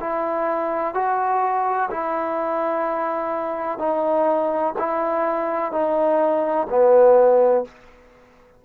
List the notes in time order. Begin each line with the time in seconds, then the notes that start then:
0.00 E4
0.94 F#4
1.91 E4
3.78 D#4
4.79 E4
5.72 D#4
6.69 B3